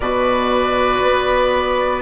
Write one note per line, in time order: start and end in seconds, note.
0.00 1.00 B2
0.00 2.01 F#4
0.00 2.01 B4
0.00 2.01 D5
1.01 2.01 B3